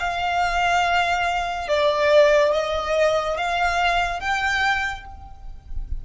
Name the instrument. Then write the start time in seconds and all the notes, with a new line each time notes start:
violin
0.00 F5
1.69 D5
2.53 D#5
3.38 F5
4.21 G5